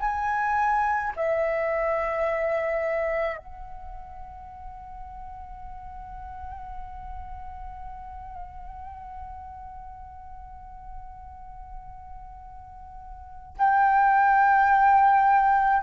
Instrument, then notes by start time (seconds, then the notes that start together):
flute
0.00 G#5
1.16 E5
3.38 F#5
13.58 G5